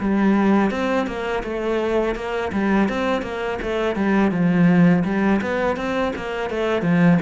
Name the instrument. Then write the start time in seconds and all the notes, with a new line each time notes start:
cello
0.00 G3
0.71 C4
1.07 A#3
1.43 A3
2.15 A#3
2.52 G3
2.89 C4
3.22 A#3
3.62 A3
3.96 G3
4.31 F3
5.05 G3
5.42 B3
5.77 C4
6.16 A#3
6.50 A3
6.82 F3